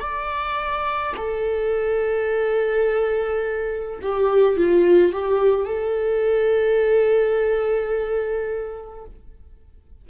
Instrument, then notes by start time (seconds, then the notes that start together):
viola
0.00 D5
1.17 A4
4.02 G4
4.57 F4
5.13 G4
5.66 A4